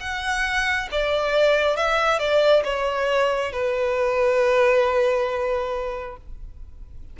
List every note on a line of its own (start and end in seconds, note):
0.00 0.88 F#5
0.91 1.76 D5
1.76 2.19 E5
2.19 2.63 D5
2.64 3.52 C#5
3.52 6.17 B4